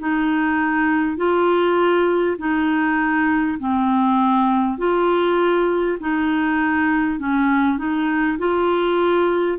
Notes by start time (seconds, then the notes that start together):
0.00 D#4
1.17 F4
2.38 D#4
3.60 C4
4.79 F4
6.01 D#4
7.20 C#4
7.79 D#4
8.39 F4